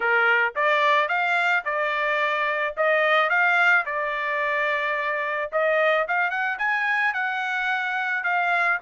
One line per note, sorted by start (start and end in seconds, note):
0.00 0.53 A#4
0.55 1.08 D5
1.08 1.63 F5
1.64 2.74 D5
2.76 3.29 D#5
3.29 3.84 F5
3.85 5.50 D5
5.52 6.07 D#5
6.08 6.30 F5
6.30 6.57 F#5
6.58 7.13 G#5
7.13 8.23 F#5
8.23 8.78 F5